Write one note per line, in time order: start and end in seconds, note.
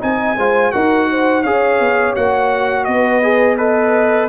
0.00 0.37 C4
0.00 0.36 D#4
0.00 0.36 D#5
0.00 0.72 G#5
0.37 0.73 G#3
0.37 0.73 F4
0.37 0.73 C5
0.72 1.45 D#4
0.72 1.44 F#4
0.72 1.09 A#4
0.72 1.43 F#5
1.11 1.43 C5
1.43 1.80 C#4
1.43 2.16 G#4
1.43 2.86 C#5
1.43 2.14 F5
1.80 2.16 B3
2.16 2.88 A#3
2.16 3.23 F#4
2.16 2.85 F#5
2.85 4.29 B3
2.85 3.58 B4
2.85 3.56 D#5
3.23 3.58 G#4
3.58 4.29 A4
3.58 4.29 B4
3.58 4.29 D#5